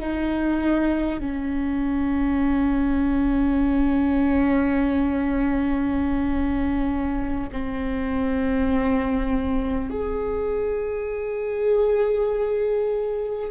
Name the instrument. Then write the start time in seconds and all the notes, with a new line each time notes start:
viola
0.00 D#4
1.19 C#4
7.52 C4
9.90 G#4